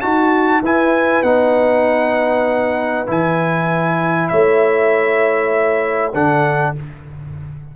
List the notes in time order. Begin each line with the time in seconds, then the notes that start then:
0.00 D#4 F#4 A5
0.62 E4 B4 G#5
1.22 B3 D#4 F#5
3.06 E3 E4 G#5
4.28 A3 C#5 E5
6.13 D3 D4 A4 F#5